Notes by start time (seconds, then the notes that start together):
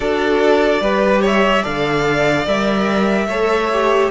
0.00 D4 F#4 A4 D5
0.80 G3 G4 B4
1.21 C#5 E5
1.62 D3 A4 D5 F5
2.46 G3 A#4 E5
3.26 A3 A4 C#5
3.72 G4